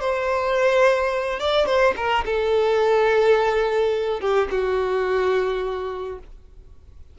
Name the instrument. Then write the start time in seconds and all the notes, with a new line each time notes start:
violin
0.00 C5
1.40 D5
1.66 C5
1.96 A#4
2.25 A4
4.21 G4
4.51 F#4